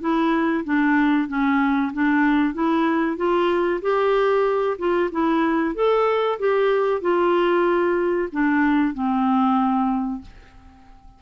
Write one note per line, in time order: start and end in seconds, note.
0.00 0.64 E4
0.64 1.28 D4
1.28 1.92 C#4
1.93 2.54 D4
2.54 3.17 E4
3.17 3.80 F4
3.81 4.77 G4
4.78 5.10 F4
5.12 5.74 E4
5.74 6.38 A4
6.39 7.01 G4
7.01 8.28 F4
8.32 8.94 D4
8.94 10.21 C4